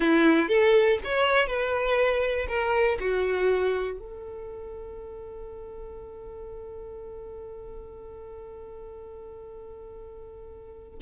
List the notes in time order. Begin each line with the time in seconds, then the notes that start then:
0.00 E4
0.48 A4
1.04 C#5
1.46 B4
2.48 A#4
3.00 F#4
3.98 A4